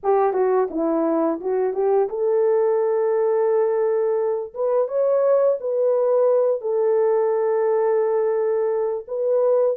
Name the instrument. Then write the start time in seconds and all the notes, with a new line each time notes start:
horn
0.03 G4
0.33 F#4
0.70 E4
1.40 F#4
1.73 G4
2.09 A4
4.53 B4
4.88 C#5
5.60 B4
6.61 A4
9.07 B4